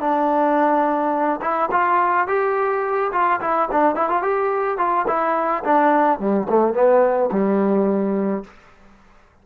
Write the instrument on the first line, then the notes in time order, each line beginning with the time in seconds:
trombone
0.00 D4
1.41 E4
1.72 F4
2.27 G4
3.12 F4
3.40 E4
3.71 D4
3.95 E4
4.09 F4
4.22 G4
4.78 F4
5.07 E4
5.64 D4
6.19 G3
6.49 A3
6.74 B3
7.32 G3